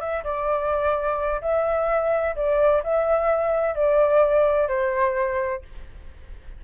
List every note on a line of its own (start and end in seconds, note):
0.00 0.23 E5
0.24 1.41 D5
1.41 2.35 E5
2.36 2.83 D5
2.83 3.75 E5
3.75 4.68 D5
4.68 5.62 C5